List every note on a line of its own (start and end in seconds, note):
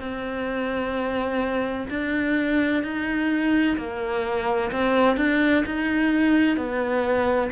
0.00 1.87 C4
1.90 2.83 D4
2.83 3.77 D#4
3.78 4.71 A#3
4.71 5.17 C4
5.17 5.64 D4
5.65 6.57 D#4
6.57 7.50 B3